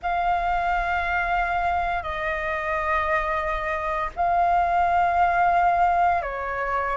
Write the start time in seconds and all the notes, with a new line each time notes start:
0.02 F5
2.02 D#5
4.16 F5
6.22 C#5